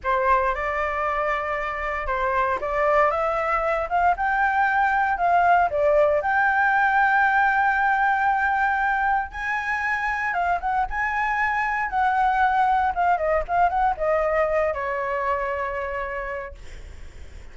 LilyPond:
\new Staff \with { instrumentName = "flute" } { \time 4/4 \tempo 4 = 116 c''4 d''2. | c''4 d''4 e''4. f''8 | g''2 f''4 d''4 | g''1~ |
g''2 gis''2 | f''8 fis''8 gis''2 fis''4~ | fis''4 f''8 dis''8 f''8 fis''8 dis''4~ | dis''8 cis''2.~ cis''8 | }